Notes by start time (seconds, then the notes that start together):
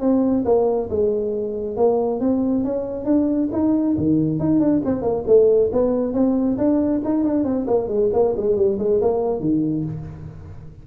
0.00 C4
0.45 A#3
0.90 G#3
1.76 A#3
2.20 C4
2.64 C#4
3.05 D4
3.52 D#4
3.97 D#3
4.39 D#4
4.59 D4
4.85 C4
5.01 A#3
5.27 A3
5.72 B3
6.13 C4
6.58 D4
7.04 D#4
7.23 D4
7.44 C4
7.67 A#3
7.88 G#3
8.13 A#3
8.36 G#3
8.56 G3
8.78 G#3
9.01 A#3
9.40 D#3